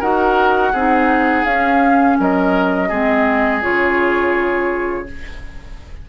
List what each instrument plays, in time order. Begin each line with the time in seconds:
0.00 bassoon D#4, clarinet F#4, oboe A#4, flute F#5
0.73 bassoon C4, clarinet D#4, oboe G#4
1.45 bassoon C#4, clarinet C#4, flute F5
2.20 bassoon F#3, oboe A#4, flute D#5
2.89 bassoon G#3, clarinet C4, oboe G#4
3.62 bassoon C#3, clarinet F4, flute C#5